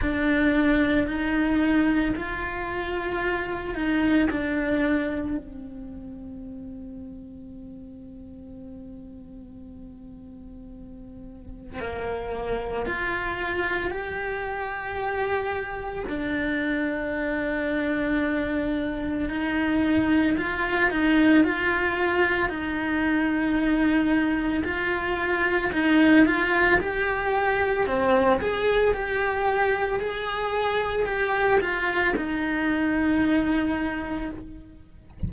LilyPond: \new Staff \with { instrumentName = "cello" } { \time 4/4 \tempo 4 = 56 d'4 dis'4 f'4. dis'8 | d'4 c'2.~ | c'2. ais4 | f'4 g'2 d'4~ |
d'2 dis'4 f'8 dis'8 | f'4 dis'2 f'4 | dis'8 f'8 g'4 c'8 gis'8 g'4 | gis'4 g'8 f'8 dis'2 | }